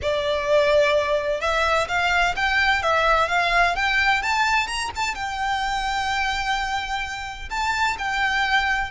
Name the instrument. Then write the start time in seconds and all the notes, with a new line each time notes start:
violin
0.01 D5
1.40 E5
1.87 F5
2.36 G5
2.82 E5
3.28 F5
3.75 G5
4.22 A5
4.67 A#5
4.95 A5
5.14 G5
7.50 A5
7.98 G5